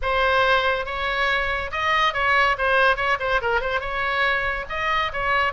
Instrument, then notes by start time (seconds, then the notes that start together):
oboe
0.02 C5
0.85 C#5
1.71 D#5
2.13 C#5
2.57 C5
2.96 C#5
3.19 C5
3.41 A#4
3.61 C5
3.80 C#5
4.69 D#5
5.12 C#5